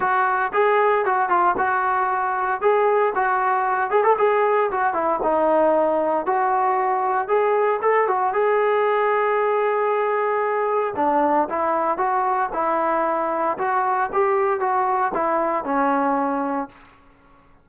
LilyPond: \new Staff \with { instrumentName = "trombone" } { \time 4/4 \tempo 4 = 115 fis'4 gis'4 fis'8 f'8 fis'4~ | fis'4 gis'4 fis'4. gis'16 a'16 | gis'4 fis'8 e'8 dis'2 | fis'2 gis'4 a'8 fis'8 |
gis'1~ | gis'4 d'4 e'4 fis'4 | e'2 fis'4 g'4 | fis'4 e'4 cis'2 | }